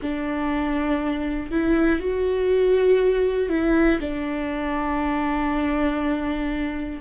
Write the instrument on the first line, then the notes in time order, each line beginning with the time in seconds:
viola
0.01 D4
1.50 E4
2.00 F#4
3.49 E4
4.00 D4